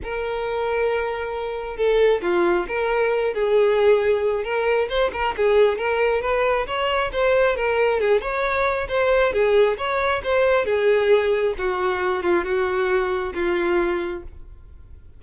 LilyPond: \new Staff \with { instrumentName = "violin" } { \time 4/4 \tempo 4 = 135 ais'1 | a'4 f'4 ais'4. gis'8~ | gis'2 ais'4 c''8 ais'8 | gis'4 ais'4 b'4 cis''4 |
c''4 ais'4 gis'8 cis''4. | c''4 gis'4 cis''4 c''4 | gis'2 fis'4. f'8 | fis'2 f'2 | }